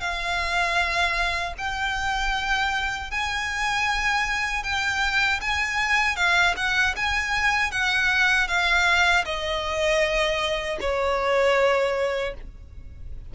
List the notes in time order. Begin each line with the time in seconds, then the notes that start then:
0.00 F5
1.58 G5
3.11 G#5
4.63 G5
5.41 G#5
6.16 F5
6.56 F#5
6.96 G#5
7.71 F#5
8.48 F5
9.25 D#5
10.80 C#5